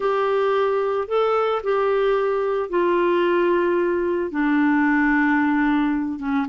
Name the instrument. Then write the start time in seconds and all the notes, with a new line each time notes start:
clarinet
0.00 G4
1.08 A4
1.63 G4
2.69 F4
4.30 D4
6.19 C#4